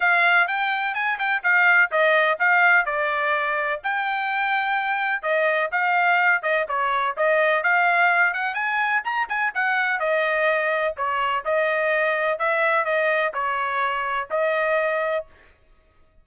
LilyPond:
\new Staff \with { instrumentName = "trumpet" } { \time 4/4 \tempo 4 = 126 f''4 g''4 gis''8 g''8 f''4 | dis''4 f''4 d''2 | g''2. dis''4 | f''4. dis''8 cis''4 dis''4 |
f''4. fis''8 gis''4 ais''8 gis''8 | fis''4 dis''2 cis''4 | dis''2 e''4 dis''4 | cis''2 dis''2 | }